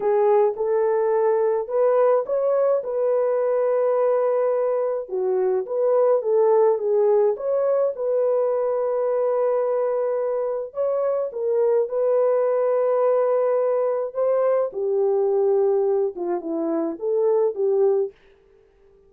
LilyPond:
\new Staff \with { instrumentName = "horn" } { \time 4/4 \tempo 4 = 106 gis'4 a'2 b'4 | cis''4 b'2.~ | b'4 fis'4 b'4 a'4 | gis'4 cis''4 b'2~ |
b'2. cis''4 | ais'4 b'2.~ | b'4 c''4 g'2~ | g'8 f'8 e'4 a'4 g'4 | }